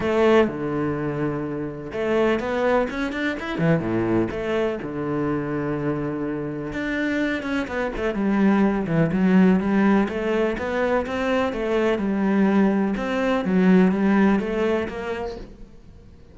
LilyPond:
\new Staff \with { instrumentName = "cello" } { \time 4/4 \tempo 4 = 125 a4 d2. | a4 b4 cis'8 d'8 e'8 e8 | a,4 a4 d2~ | d2 d'4. cis'8 |
b8 a8 g4. e8 fis4 | g4 a4 b4 c'4 | a4 g2 c'4 | fis4 g4 a4 ais4 | }